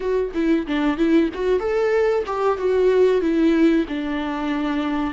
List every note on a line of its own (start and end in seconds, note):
0.00 0.31 F#4
0.34 0.66 E4
0.66 0.97 D4
0.97 1.29 E4
1.34 1.59 F#4
1.59 2.23 A4
2.26 2.57 G4
2.57 3.21 F#4
3.21 3.85 E4
3.88 5.13 D4